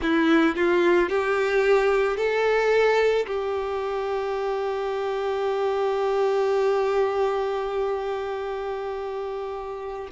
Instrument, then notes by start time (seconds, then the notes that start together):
violin
0.01 E4
0.56 F4
1.09 G4
2.17 A4
3.26 G4